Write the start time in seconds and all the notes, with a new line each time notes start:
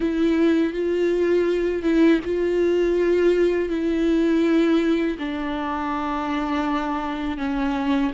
0.00 E4
0.73 F4
1.82 E4
2.25 F4
3.69 E4
5.19 D4
7.37 C#4